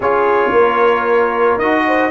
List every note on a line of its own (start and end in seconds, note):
0.00 0.50 C#4
0.00 1.61 F4
0.00 0.51 G#4
0.00 1.58 C#5
0.51 1.57 A#3
0.51 1.84 A#4
1.57 2.10 D#4
1.57 2.11 F#4
1.57 2.11 D#5
1.87 2.11 C5